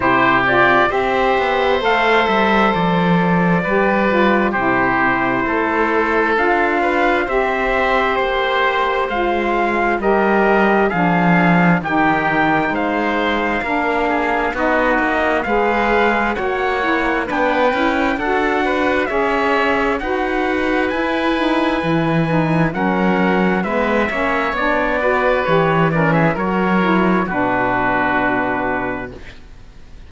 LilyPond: <<
  \new Staff \with { instrumentName = "trumpet" } { \time 4/4 \tempo 4 = 66 c''8 d''8 e''4 f''8 e''8 d''4~ | d''4 c''2 f''4 | e''4 c''4 f''4 dis''4 | f''4 g''4 f''2 |
dis''4 f''4 fis''4 g''4 | fis''4 e''4 fis''4 gis''4~ | gis''4 fis''4 e''4 d''4 | cis''8 d''16 e''16 cis''4 b'2 | }
  \new Staff \with { instrumentName = "oboe" } { \time 4/4 g'4 c''2. | b'4 g'4 a'4. b'8 | c''2. ais'4 | gis'4 g'4 c''4 ais'8 gis'8 |
fis'4 b'4 cis''4 b'4 | a'8 b'8 cis''4 b'2~ | b'4 ais'4 b'8 cis''4 b'8~ | b'8 ais'16 gis'16 ais'4 fis'2 | }
  \new Staff \with { instrumentName = "saxophone" } { \time 4/4 e'8 f'8 g'4 a'2 | g'8 f'8 e'2 f'4 | g'2 f'4 g'4 | d'4 dis'2 d'4 |
dis'4 gis'4 fis'8 e'8 d'8 e'8 | fis'4 gis'4 fis'4 e'8 dis'8 | e'8 dis'8 cis'4 b8 cis'8 d'8 fis'8 | g'8 cis'8 fis'8 e'8 d'2 | }
  \new Staff \with { instrumentName = "cello" } { \time 4/4 c4 c'8 b8 a8 g8 f4 | g4 c4 a4 d'4 | c'4 ais4 gis4 g4 | f4 dis4 gis4 ais4 |
b8 ais8 gis4 ais4 b8 cis'8 | d'4 cis'4 dis'4 e'4 | e4 fis4 gis8 ais8 b4 | e4 fis4 b,2 | }
>>